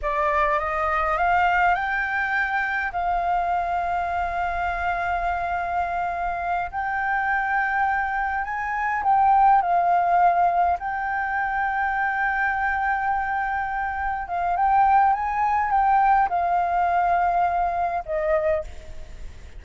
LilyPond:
\new Staff \with { instrumentName = "flute" } { \time 4/4 \tempo 4 = 103 d''4 dis''4 f''4 g''4~ | g''4 f''2.~ | f''2.~ f''8 g''8~ | g''2~ g''8 gis''4 g''8~ |
g''8 f''2 g''4.~ | g''1~ | g''8 f''8 g''4 gis''4 g''4 | f''2. dis''4 | }